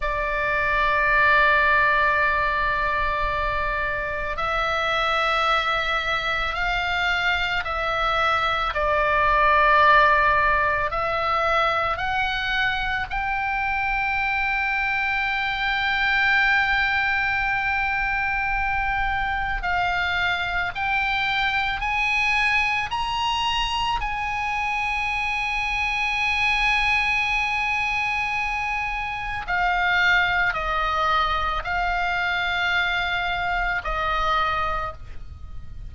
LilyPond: \new Staff \with { instrumentName = "oboe" } { \time 4/4 \tempo 4 = 55 d''1 | e''2 f''4 e''4 | d''2 e''4 fis''4 | g''1~ |
g''2 f''4 g''4 | gis''4 ais''4 gis''2~ | gis''2. f''4 | dis''4 f''2 dis''4 | }